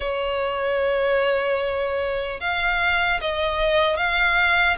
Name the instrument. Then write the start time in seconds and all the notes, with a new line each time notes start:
violin
0.00 C#5
2.40 F5
3.20 D#5
3.96 F5